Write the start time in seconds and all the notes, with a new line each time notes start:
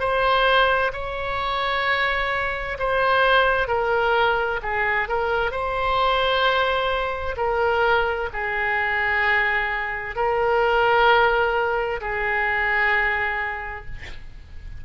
0.00 C5
0.93 C#5
2.79 C5
3.68 A#4
4.63 G#4
5.09 A#4
5.51 C5
7.37 A#4
8.33 G#4
10.16 A#4
12.01 G#4